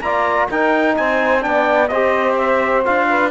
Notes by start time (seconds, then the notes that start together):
0.00 A#3 F4 D5 A#5
0.47 D#4 A#4 G5
0.96 C4 C5 G#5
1.40 B3 D4 D5 G5
1.87 C4 G4 C5 D#5
2.37 E5
2.84 D4 F4 F5
3.09 B4